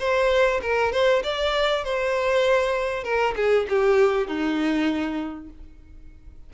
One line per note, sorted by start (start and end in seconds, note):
0.00 0.61 C5
0.62 0.92 A#4
0.92 1.23 C5
1.24 1.85 D5
1.85 3.04 C5
3.04 3.35 A#4
3.36 3.67 G#4
3.69 4.28 G4
4.28 5.50 D#4